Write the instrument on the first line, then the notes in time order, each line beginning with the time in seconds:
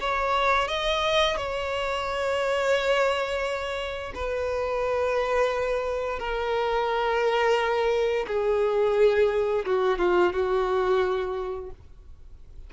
violin
0.00 C#5
0.68 D#5
1.37 C#5
4.15 B4
6.19 A#4
8.28 G#4
9.66 F#4
9.99 F4
10.33 F#4